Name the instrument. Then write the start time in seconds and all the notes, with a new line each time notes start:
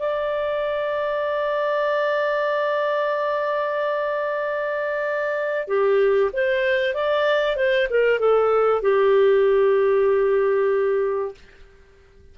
clarinet
0.00 D5
5.68 G4
6.33 C5
6.94 D5
7.56 C5
7.90 A#4
8.20 A4
8.82 G4